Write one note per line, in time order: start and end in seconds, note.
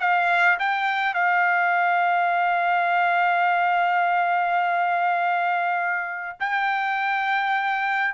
0.00 0.58 F5
0.60 1.14 G5
1.14 6.39 F5
6.40 8.14 G5